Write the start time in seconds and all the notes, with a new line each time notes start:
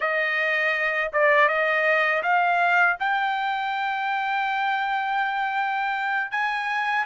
0.00 D#5
1.12 D5
1.48 D#5
2.22 F5
2.99 G5
6.31 G#5